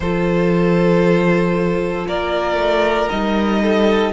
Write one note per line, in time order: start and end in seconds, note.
0.00 2.06 F3
0.00 3.10 F4
0.00 2.08 A4
0.00 2.07 C5
2.07 2.55 A#3
2.07 3.62 A#4
2.07 3.09 D5
2.55 3.06 A3
3.09 4.12 G3
3.09 4.12 D#4
3.09 4.12 D#5
3.62 4.12 A4